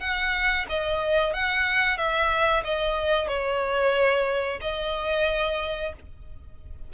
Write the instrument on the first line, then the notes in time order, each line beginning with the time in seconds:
violin
0.00 F#5
0.69 D#5
1.33 F#5
1.98 E5
2.64 D#5
3.28 C#5
4.61 D#5